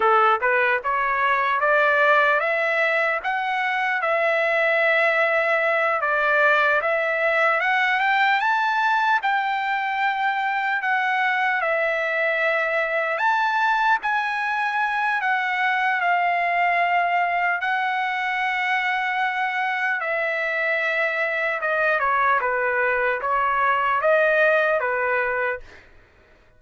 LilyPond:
\new Staff \with { instrumentName = "trumpet" } { \time 4/4 \tempo 4 = 75 a'8 b'8 cis''4 d''4 e''4 | fis''4 e''2~ e''8 d''8~ | d''8 e''4 fis''8 g''8 a''4 g''8~ | g''4. fis''4 e''4.~ |
e''8 a''4 gis''4. fis''4 | f''2 fis''2~ | fis''4 e''2 dis''8 cis''8 | b'4 cis''4 dis''4 b'4 | }